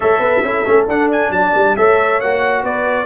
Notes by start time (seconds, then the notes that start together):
0.00 A3 A4 C#5 E5
0.19 B3 B4
0.42 C#4 E4 A4
0.65 A3 C#4
0.87 D4 F#5
1.11 G#5
1.30 F#3 D5 A5
1.54 G3
1.76 A3 A4 C#5 E5
2.20 A#3 F#4 F#5
2.63 B3 B4 D5